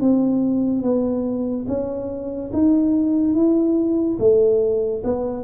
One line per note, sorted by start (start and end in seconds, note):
0.00 0.83 C4
0.83 1.66 B3
1.67 2.51 C#4
2.53 3.34 D#4
3.34 4.17 E4
4.19 5.02 A3
5.04 5.43 B3